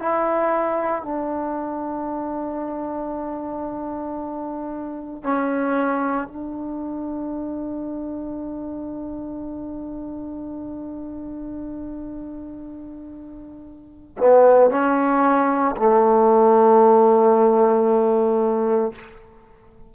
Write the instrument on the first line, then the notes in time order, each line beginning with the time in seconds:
trombone
0.00 E4
1.03 D4
5.23 C#4
6.28 D4
14.19 B3
14.71 C#4
15.77 A3